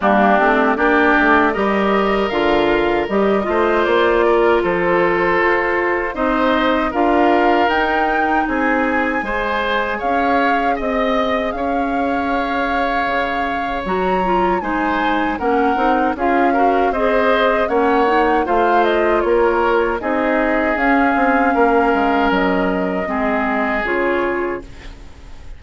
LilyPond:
<<
  \new Staff \with { instrumentName = "flute" } { \time 4/4 \tempo 4 = 78 g'4 d''4 dis''4 f''4 | dis''4 d''4 c''2 | dis''4 f''4 g''4 gis''4~ | gis''4 f''4 dis''4 f''4~ |
f''2 ais''4 gis''4 | fis''4 f''4 dis''4 fis''4 | f''8 dis''8 cis''4 dis''4 f''4~ | f''4 dis''2 cis''4 | }
  \new Staff \with { instrumentName = "oboe" } { \time 4/4 d'4 g'4 ais'2~ | ais'8 c''4 ais'8 a'2 | c''4 ais'2 gis'4 | c''4 cis''4 dis''4 cis''4~ |
cis''2. c''4 | ais'4 gis'8 ais'8 c''4 cis''4 | c''4 ais'4 gis'2 | ais'2 gis'2 | }
  \new Staff \with { instrumentName = "clarinet" } { \time 4/4 ais8 c'8 d'4 g'4 f'4 | g'8 f'2.~ f'8 | dis'4 f'4 dis'2 | gis'1~ |
gis'2 fis'8 f'8 dis'4 | cis'8 dis'8 f'8 fis'8 gis'4 cis'8 dis'8 | f'2 dis'4 cis'4~ | cis'2 c'4 f'4 | }
  \new Staff \with { instrumentName = "bassoon" } { \time 4/4 g8 a8 ais8 a8 g4 d4 | g8 a8 ais4 f4 f'4 | c'4 d'4 dis'4 c'4 | gis4 cis'4 c'4 cis'4~ |
cis'4 cis4 fis4 gis4 | ais8 c'8 cis'4 c'4 ais4 | a4 ais4 c'4 cis'8 c'8 | ais8 gis8 fis4 gis4 cis4 | }
>>